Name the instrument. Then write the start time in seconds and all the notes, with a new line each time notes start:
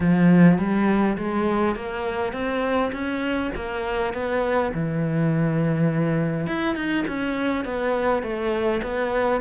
cello
0.00 F3
0.58 G3
1.17 G#3
1.75 A#3
2.32 C4
2.92 C#4
3.55 A#3
4.13 B3
4.74 E3
6.47 E4
6.75 D#4
7.07 C#4
7.64 B3
8.22 A3
8.82 B3